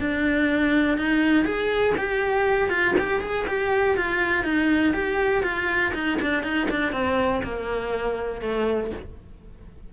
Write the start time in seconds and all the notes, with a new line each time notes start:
0.00 D4
0.98 D#4
1.45 G#4
1.98 G4
2.70 F4
2.99 G4
3.21 G#4
3.47 G4
3.97 F4
4.44 D#4
4.94 G4
5.43 F4
5.94 D#4
6.22 D4
6.43 D#4
6.70 D4
6.92 C4
7.44 A#3
8.41 A3